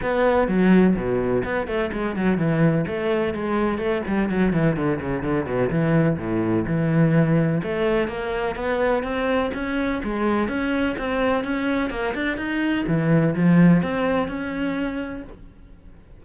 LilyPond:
\new Staff \with { instrumentName = "cello" } { \time 4/4 \tempo 4 = 126 b4 fis4 b,4 b8 a8 | gis8 fis8 e4 a4 gis4 | a8 g8 fis8 e8 d8 cis8 d8 b,8 | e4 a,4 e2 |
a4 ais4 b4 c'4 | cis'4 gis4 cis'4 c'4 | cis'4 ais8 d'8 dis'4 e4 | f4 c'4 cis'2 | }